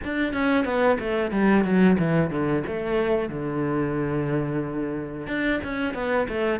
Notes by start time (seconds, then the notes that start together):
0.03 D4
0.33 C#4
0.64 B3
0.99 A3
1.31 G3
1.64 F#3
1.98 E3
2.30 D3
2.66 A3
3.29 D3
5.27 D4
5.63 C#4
5.94 B3
6.28 A3